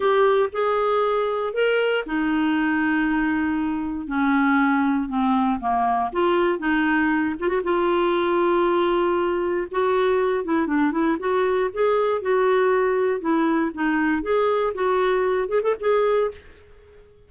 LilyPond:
\new Staff \with { instrumentName = "clarinet" } { \time 4/4 \tempo 4 = 118 g'4 gis'2 ais'4 | dis'1 | cis'2 c'4 ais4 | f'4 dis'4. f'16 fis'16 f'4~ |
f'2. fis'4~ | fis'8 e'8 d'8 e'8 fis'4 gis'4 | fis'2 e'4 dis'4 | gis'4 fis'4. gis'16 a'16 gis'4 | }